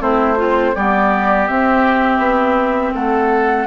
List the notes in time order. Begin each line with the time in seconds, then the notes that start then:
0.00 A3 C4 E4 C5
0.37 C4 F4
0.75 G3 B3 G4 D5
1.48 C4 E5
2.18 B3
2.94 A3 A4 F#5